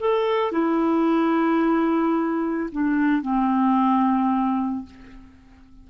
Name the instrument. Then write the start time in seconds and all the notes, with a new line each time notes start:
clarinet
0.00 A4
0.52 E4
2.72 D4
3.22 C4